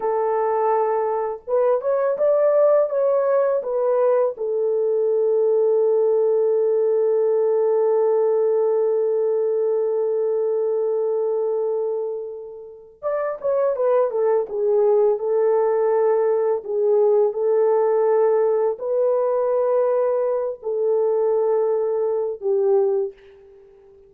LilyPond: \new Staff \with { instrumentName = "horn" } { \time 4/4 \tempo 4 = 83 a'2 b'8 cis''8 d''4 | cis''4 b'4 a'2~ | a'1~ | a'1~ |
a'2 d''8 cis''8 b'8 a'8 | gis'4 a'2 gis'4 | a'2 b'2~ | b'8 a'2~ a'8 g'4 | }